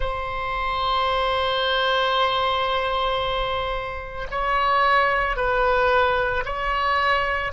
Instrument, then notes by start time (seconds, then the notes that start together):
oboe
0.00 C5
4.31 C#5
5.36 B4
6.45 C#5